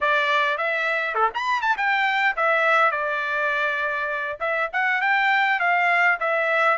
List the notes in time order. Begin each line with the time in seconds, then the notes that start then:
0.00 D5
0.57 E5
1.14 A4
1.34 B5
1.61 A5
1.77 G5
2.36 E5
2.91 D5
4.40 E5
4.72 F#5
5.01 G5
5.59 F5
6.20 E5